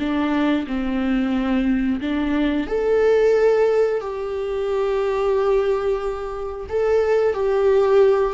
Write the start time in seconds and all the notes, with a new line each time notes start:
0.00 D4
0.67 C4
2.01 D4
2.68 A4
4.01 G4
6.69 A4
7.34 G4